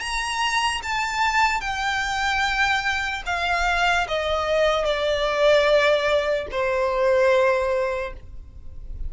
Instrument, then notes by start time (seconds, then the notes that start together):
violin
0.00 A#5
0.83 A5
1.60 G5
3.26 F5
4.08 D#5
4.85 D5
6.51 C5